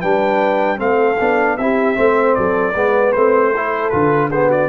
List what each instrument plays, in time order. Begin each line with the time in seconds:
0.00 tuba G3, trombone D4, horn B4, trumpet G5
0.77 tuba A3, trombone C4, horn A4, trumpet F5
1.20 tuba B3, trombone D4
1.57 tuba C4, trombone E4, horn G4, trumpet E5
1.95 tuba A3, trombone C4, horn C5
2.35 tuba F#3, horn A4, trumpet D5
2.73 tuba G#3, trombone B3, horn B4
3.12 tuba A3, trombone C4, trumpet C5
3.55 trombone E4, horn A4
3.90 tuba D3, trombone F4, trumpet B4
4.30 trombone B3, horn G#4, trumpet C5
4.48 horn F#4, trumpet D5